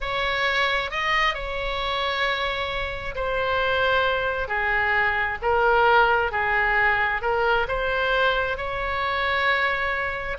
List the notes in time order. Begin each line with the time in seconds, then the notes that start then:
0.00 C#5
0.90 D#5
1.34 C#5
3.15 C5
4.48 G#4
5.41 A#4
6.31 G#4
7.21 A#4
7.68 C5
8.57 C#5